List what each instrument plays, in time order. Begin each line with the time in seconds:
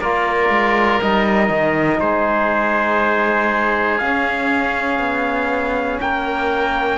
0.00 cello A#3, trombone F4, oboe A#4, trumpet D5
0.49 cello G#3
1.01 cello G3, trombone D#4, trumpet D#5
1.49 cello D#3
2.00 cello G#3, oboe G#4, trumpet C5
3.98 cello C#4, trombone C#4, trumpet F5
4.99 cello B3
6.00 cello A#3, oboe A#4, trumpet G5